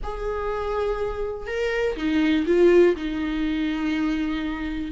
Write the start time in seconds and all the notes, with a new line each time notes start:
0.03 G#4
1.46 A#4
1.96 D#4
2.46 F4
2.96 D#4